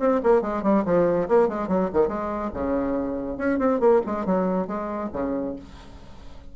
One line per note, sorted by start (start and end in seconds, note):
0.00 0.21 C4
0.24 0.42 A#3
0.42 0.63 G#3
0.63 0.84 G3
0.85 1.28 F3
1.29 1.49 A#3
1.49 1.68 G#3
1.68 1.90 F#3
1.94 2.08 D#3
2.08 2.51 G#3
2.54 3.38 C#3
3.38 3.59 C#4
3.59 3.80 C4
3.80 4.02 A#3
4.06 4.26 G#3
4.26 4.67 F#3
4.67 5.10 G#3
5.13 5.56 C#3